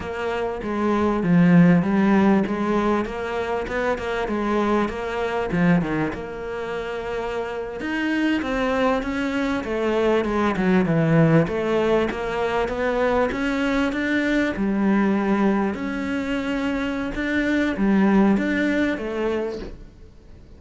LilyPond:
\new Staff \with { instrumentName = "cello" } { \time 4/4 \tempo 4 = 98 ais4 gis4 f4 g4 | gis4 ais4 b8 ais8 gis4 | ais4 f8 dis8 ais2~ | ais8. dis'4 c'4 cis'4 a16~ |
a8. gis8 fis8 e4 a4 ais16~ | ais8. b4 cis'4 d'4 g16~ | g4.~ g16 cis'2~ cis'16 | d'4 g4 d'4 a4 | }